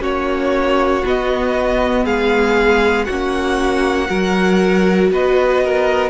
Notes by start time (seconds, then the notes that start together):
0.00 A#3 C#4 F#4 C#5
1.04 B3 D#5
2.05 G#3 G#4 F5
3.05 A#3 C#4 F#4 F#5
4.07 F#3 F#4 A#4
5.11 B3 B4 D#5
5.64 A#4